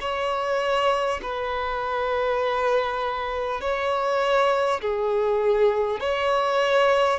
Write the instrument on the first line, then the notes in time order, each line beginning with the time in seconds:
violin
0.00 C#5
1.22 B4
3.61 C#5
4.81 G#4
5.99 C#5